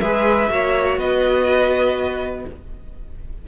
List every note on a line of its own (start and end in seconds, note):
0.00 0.49 G#3
0.00 0.49 G#4
0.00 0.51 B4
0.00 0.98 E5
0.49 0.97 A#3
0.49 2.46 F#4
0.49 1.00 C#5
0.97 2.45 B3
0.97 2.47 B4
0.97 2.46 D#5